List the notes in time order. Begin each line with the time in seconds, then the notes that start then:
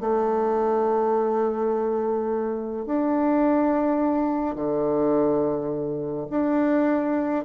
0.00 A3
2.85 D4
4.55 D3
6.30 D4